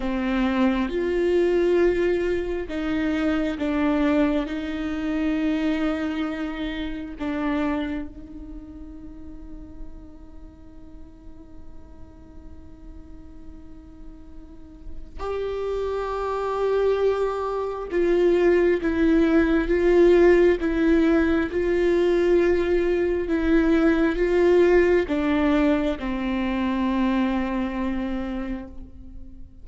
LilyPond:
\new Staff \with { instrumentName = "viola" } { \time 4/4 \tempo 4 = 67 c'4 f'2 dis'4 | d'4 dis'2. | d'4 dis'2.~ | dis'1~ |
dis'4 g'2. | f'4 e'4 f'4 e'4 | f'2 e'4 f'4 | d'4 c'2. | }